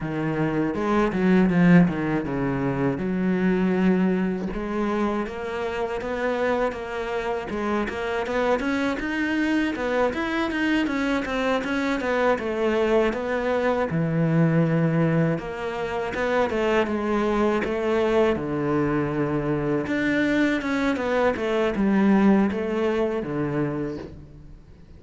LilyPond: \new Staff \with { instrumentName = "cello" } { \time 4/4 \tempo 4 = 80 dis4 gis8 fis8 f8 dis8 cis4 | fis2 gis4 ais4 | b4 ais4 gis8 ais8 b8 cis'8 | dis'4 b8 e'8 dis'8 cis'8 c'8 cis'8 |
b8 a4 b4 e4.~ | e8 ais4 b8 a8 gis4 a8~ | a8 d2 d'4 cis'8 | b8 a8 g4 a4 d4 | }